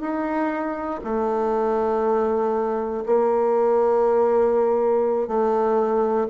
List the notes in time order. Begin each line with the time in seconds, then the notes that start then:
0.00 D#4
1.04 A3
3.06 A#3
5.28 A3